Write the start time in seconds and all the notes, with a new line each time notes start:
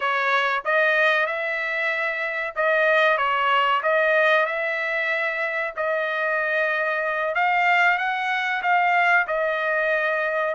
0.00 C#5
0.64 D#5
1.26 E5
2.55 D#5
3.17 C#5
3.82 D#5
4.45 E5
5.76 D#5
7.34 F5
7.98 F#5
8.62 F5
9.27 D#5